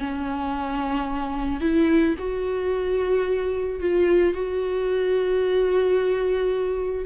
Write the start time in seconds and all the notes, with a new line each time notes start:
0.00 C#4
1.61 E4
2.19 F#4
3.81 F4
4.34 F#4